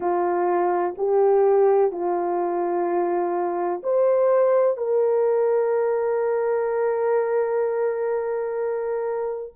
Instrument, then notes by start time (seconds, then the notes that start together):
horn
0.00 F4
0.97 G4
1.91 F4
3.83 C5
4.77 A#4